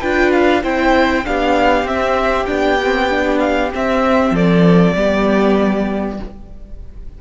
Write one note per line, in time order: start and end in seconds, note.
0.00 0.63 D4
0.00 0.62 F4
0.00 0.62 B4
0.00 0.31 G5
0.32 0.63 F5
0.62 1.25 C4
0.62 1.24 E4
0.62 1.24 C5
0.62 1.25 G5
1.24 1.83 B3
1.24 1.86 D4
1.24 4.33 G4
1.24 1.87 F5
1.83 2.45 C4
1.83 2.47 C4
1.83 2.45 E5
2.45 3.73 B3
2.45 2.77 D4
2.45 3.38 G5
2.83 3.09 C4
3.09 3.71 D4
3.39 3.70 F5
3.72 4.95 C4
3.72 4.30 C4
3.72 4.35 E5
4.30 4.92 F3
4.30 4.95 A4
4.30 6.21 D5
4.95 6.19 G3
4.95 6.19 B3
4.95 6.21 G4